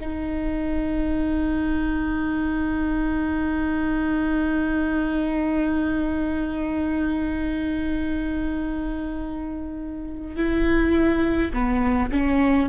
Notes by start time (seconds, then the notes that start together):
0.00 D#4
10.36 E4
11.53 B3
12.12 C#4